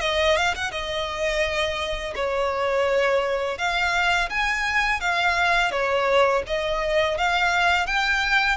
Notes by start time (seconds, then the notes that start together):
0.00 D#5
0.36 F5
0.54 F#5
0.71 D#5
2.15 C#5
3.57 F5
4.29 G#5
5.00 F5
5.71 C#5
6.46 D#5
7.17 F5
7.86 G5